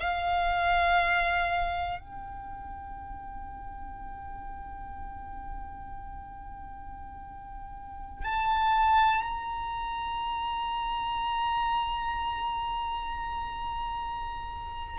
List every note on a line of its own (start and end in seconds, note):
0.00 2.00 F5
2.00 8.24 G5
8.24 9.23 A5
9.23 14.98 A#5